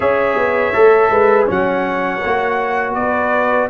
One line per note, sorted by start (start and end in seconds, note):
0.00 0.36 C#4
0.00 0.73 G#4
0.00 1.10 C#5
0.00 1.48 E5
0.36 0.73 B3
0.73 1.10 A3
0.73 1.46 A4
1.10 1.47 G#3
1.10 1.47 B4
1.46 2.24 F#3
1.46 2.20 C#4
1.46 2.95 C#5
1.46 2.94 F#5
2.25 2.95 A#3
2.25 3.70 F#4
2.94 3.69 B3
2.94 3.69 B4
2.94 3.68 D5